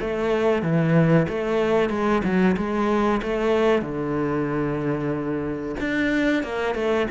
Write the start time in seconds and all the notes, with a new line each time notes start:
0.00 A3
0.62 E3
1.28 A3
1.89 G#3
2.23 F#3
2.56 G#3
3.22 A3
3.82 D3
5.80 D4
6.43 A#3
6.74 A3